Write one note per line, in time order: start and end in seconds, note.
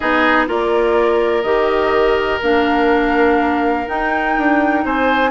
0.00 0.47 B3
0.00 0.47 D#4
0.00 0.46 G#4
0.00 0.46 D#5
0.47 1.43 A#3
0.47 1.44 F4
0.47 4.84 A#4
0.47 1.42 D5
1.42 2.40 D#3
1.42 2.41 G4
1.42 2.38 D#5
2.42 3.87 A#3
2.42 3.86 D4
2.42 3.88 F5
3.86 5.30 D#4
3.86 4.37 D#4
3.86 4.85 G5
4.37 4.84 D4
4.84 5.30 C4
4.84 5.30 C5
4.84 5.30 G#5